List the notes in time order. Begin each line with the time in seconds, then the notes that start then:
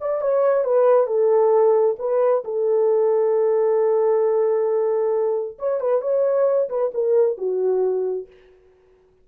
0.00 D5
0.21 C#5
0.64 B4
1.07 A4
1.99 B4
2.44 A4
5.59 C#5
5.80 B4
6.01 C#5
6.69 B4
6.94 A#4
7.37 F#4